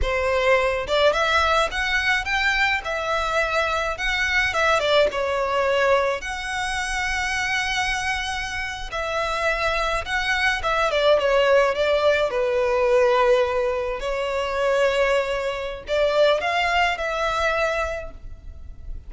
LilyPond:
\new Staff \with { instrumentName = "violin" } { \time 4/4 \tempo 4 = 106 c''4. d''8 e''4 fis''4 | g''4 e''2 fis''4 | e''8 d''8 cis''2 fis''4~ | fis''2.~ fis''8. e''16~ |
e''4.~ e''16 fis''4 e''8 d''8 cis''16~ | cis''8. d''4 b'2~ b'16~ | b'8. cis''2.~ cis''16 | d''4 f''4 e''2 | }